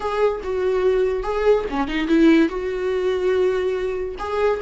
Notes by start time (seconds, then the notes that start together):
0.00 G#4
0.43 F#4
1.23 G#4
1.70 C#4
1.87 D#4
2.07 E4
2.48 F#4
4.19 G#4